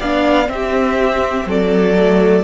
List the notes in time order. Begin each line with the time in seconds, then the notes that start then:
0.00 B3 D4 D5 F5
0.47 C4 E5
0.54 G4
1.46 F#3 A4 D5
1.97 A3